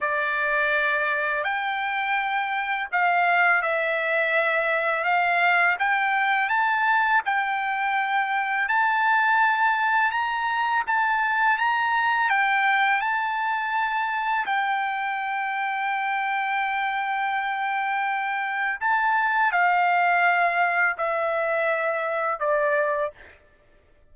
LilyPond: \new Staff \with { instrumentName = "trumpet" } { \time 4/4 \tempo 4 = 83 d''2 g''2 | f''4 e''2 f''4 | g''4 a''4 g''2 | a''2 ais''4 a''4 |
ais''4 g''4 a''2 | g''1~ | g''2 a''4 f''4~ | f''4 e''2 d''4 | }